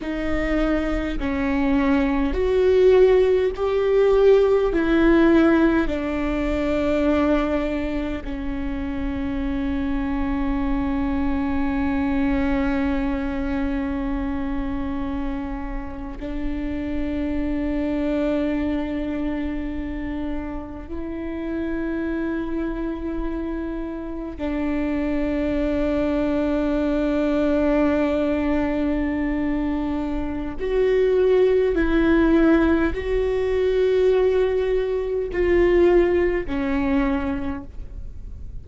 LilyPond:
\new Staff \with { instrumentName = "viola" } { \time 4/4 \tempo 4 = 51 dis'4 cis'4 fis'4 g'4 | e'4 d'2 cis'4~ | cis'1~ | cis'4.~ cis'16 d'2~ d'16~ |
d'4.~ d'16 e'2~ e'16~ | e'8. d'2.~ d'16~ | d'2 fis'4 e'4 | fis'2 f'4 cis'4 | }